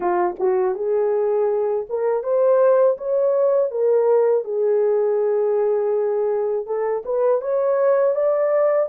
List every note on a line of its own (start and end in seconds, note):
0.00 0.35 F4
0.39 0.74 F#4
0.74 1.86 G#4
1.89 2.23 A#4
2.23 2.97 C5
2.97 3.70 C#5
3.70 4.44 A#4
4.44 6.66 G#4
6.66 7.03 A4
7.05 7.41 B4
7.41 8.15 C#5
8.15 8.89 D5